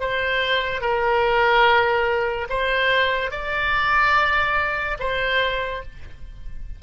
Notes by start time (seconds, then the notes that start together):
0.00 C5
0.81 A#4
2.49 C5
3.31 D5
4.99 C5